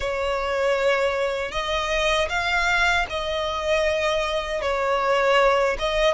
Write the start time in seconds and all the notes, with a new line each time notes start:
0.00 C#5
1.51 D#5
2.29 F5
3.09 D#5
4.61 C#5
5.79 D#5